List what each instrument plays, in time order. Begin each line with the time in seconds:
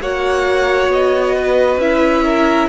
0.00 cello A#3, viola F#4, violin C#5 F#5
0.87 cello B3, violin D#5
1.35 violin B4
1.76 cello C#4, viola E4, violin E5
2.24 violin A#4